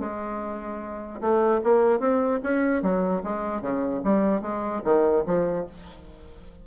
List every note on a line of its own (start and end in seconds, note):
0.00 1.21 G#3
1.21 1.61 A3
1.64 2.00 A#3
2.00 2.40 C4
2.43 2.83 C#4
2.83 3.23 F#3
3.24 3.62 G#3
3.62 4.02 C#3
4.04 4.42 G3
4.42 4.82 G#3
4.85 5.25 D#3
5.27 5.67 F3